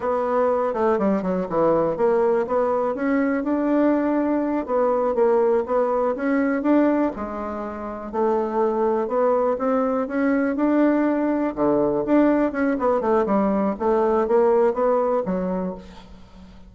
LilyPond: \new Staff \with { instrumentName = "bassoon" } { \time 4/4 \tempo 4 = 122 b4. a8 g8 fis8 e4 | ais4 b4 cis'4 d'4~ | d'4. b4 ais4 b8~ | b8 cis'4 d'4 gis4.~ |
gis8 a2 b4 c'8~ | c'8 cis'4 d'2 d8~ | d8 d'4 cis'8 b8 a8 g4 | a4 ais4 b4 fis4 | }